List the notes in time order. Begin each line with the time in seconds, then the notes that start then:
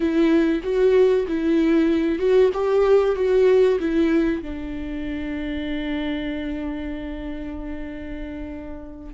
0.00 E4
0.63 F#4
1.27 E4
2.18 F#4
2.53 G4
3.16 F#4
3.79 E4
4.42 D4